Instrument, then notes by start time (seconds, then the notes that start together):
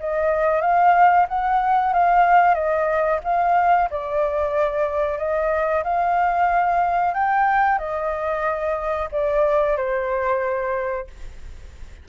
flute
0.00 D#5
0.62 F5
1.29 F#5
1.94 F5
2.55 D#5
3.25 F5
3.91 D5
5.18 D#5
5.84 F5
7.14 G5
7.79 D#5
9.12 D5
9.77 C5